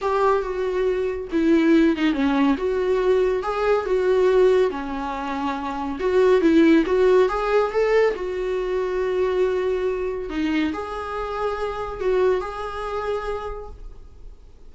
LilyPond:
\new Staff \with { instrumentName = "viola" } { \time 4/4 \tempo 4 = 140 g'4 fis'2 e'4~ | e'8 dis'8 cis'4 fis'2 | gis'4 fis'2 cis'4~ | cis'2 fis'4 e'4 |
fis'4 gis'4 a'4 fis'4~ | fis'1 | dis'4 gis'2. | fis'4 gis'2. | }